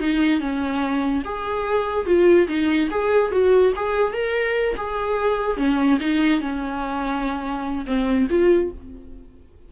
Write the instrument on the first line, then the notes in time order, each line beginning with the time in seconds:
viola
0.00 D#4
0.40 C#4
1.25 G#4
2.06 F4
2.48 D#4
2.91 G#4
3.32 F#4
3.76 G#4
4.13 A#4
4.77 G#4
5.57 C#4
6.00 D#4
6.41 C#4
7.86 C4
8.30 F4